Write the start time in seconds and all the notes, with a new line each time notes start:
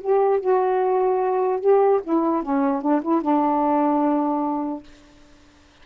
0.00 G4
0.40 F#4
1.60 G4
2.03 E4
2.43 C#4
2.81 D4
3.01 E4
3.21 D4